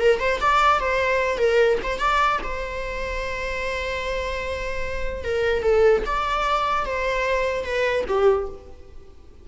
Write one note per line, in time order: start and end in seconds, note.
0.00 0.20 A#4
0.20 0.40 C5
0.41 0.80 D5
0.80 1.38 C5
1.38 1.78 A#4
1.83 1.99 C5
1.99 2.39 D5
2.43 5.24 C5
5.24 5.63 A#4
5.63 6.03 A4
6.06 6.86 D5
6.86 7.65 C5
7.65 8.05 B4
8.08 8.48 G4